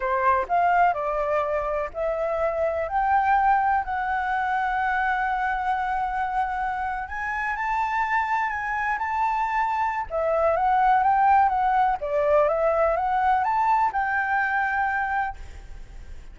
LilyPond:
\new Staff \with { instrumentName = "flute" } { \time 4/4 \tempo 4 = 125 c''4 f''4 d''2 | e''2 g''2 | fis''1~ | fis''2~ fis''8. gis''4 a''16~ |
a''4.~ a''16 gis''4 a''4~ a''16~ | a''4 e''4 fis''4 g''4 | fis''4 d''4 e''4 fis''4 | a''4 g''2. | }